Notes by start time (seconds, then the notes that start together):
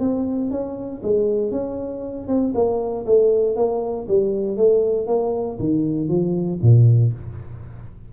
0.00 C4
0.51 C#4
1.03 G#3
1.52 C#4
2.28 C4
2.55 A#3
3.06 A3
3.56 A#3
4.08 G3
4.57 A3
5.07 A#3
5.59 D#3
6.09 F3
6.62 A#2